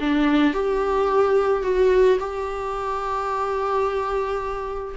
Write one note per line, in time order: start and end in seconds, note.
0.00 0.53 D4
0.53 1.63 G4
1.63 2.18 F#4
2.19 4.95 G4